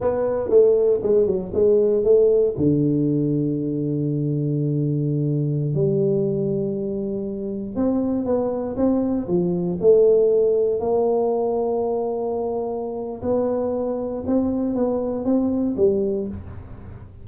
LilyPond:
\new Staff \with { instrumentName = "tuba" } { \time 4/4 \tempo 4 = 118 b4 a4 gis8 fis8 gis4 | a4 d2.~ | d2.~ d16 g8.~ | g2.~ g16 c'8.~ |
c'16 b4 c'4 f4 a8.~ | a4~ a16 ais2~ ais8.~ | ais2 b2 | c'4 b4 c'4 g4 | }